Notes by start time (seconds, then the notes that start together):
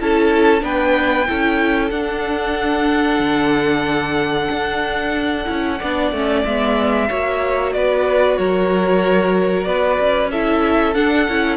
0.00 C#4 E4 A4 A5
0.61 B3 D4 B4 G5
1.27 C#4 E4 A4
1.91 D4 F#5
3.20 D3
4.51 D4
5.45 C#4 E4
5.79 B3 D4 D5
6.12 A3 C#4
6.45 G#3 B3 E5
7.09 A#3 F#4 C#5
7.73 B3 B4 D5
8.37 F#3 A#4 C#5
9.64 B3 B4 D5
9.99 C#4
10.31 E4 A4 E5
10.94 D4 F#5
11.28 C#4 E4